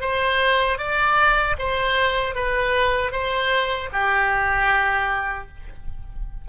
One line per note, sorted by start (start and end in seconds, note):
0.00 0.78 C5
0.78 1.55 D5
1.58 2.34 C5
2.34 3.11 B4
3.11 3.89 C5
3.92 5.48 G4